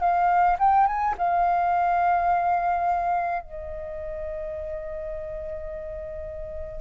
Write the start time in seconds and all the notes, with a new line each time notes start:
0.00 F5
0.59 G5
0.86 G#5
1.18 F5
3.42 D#5